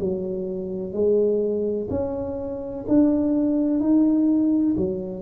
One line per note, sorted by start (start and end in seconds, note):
0.00 0.93 F#3
0.93 1.88 G#3
1.90 2.86 C#4
2.88 3.81 D4
3.81 4.76 D#4
4.77 5.23 F#3